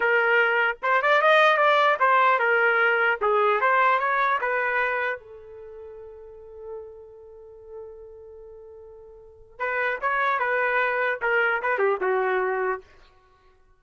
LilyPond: \new Staff \with { instrumentName = "trumpet" } { \time 4/4 \tempo 4 = 150 ais'2 c''8 d''8 dis''4 | d''4 c''4 ais'2 | gis'4 c''4 cis''4 b'4~ | b'4 a'2.~ |
a'1~ | a'1 | b'4 cis''4 b'2 | ais'4 b'8 g'8 fis'2 | }